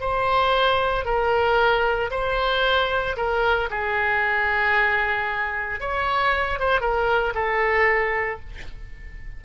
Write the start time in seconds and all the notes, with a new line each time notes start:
0.00 C5
1.05 A#4
2.11 C5
3.16 A#4
3.70 G#4
5.80 C#5
6.59 C5
6.80 A#4
7.34 A4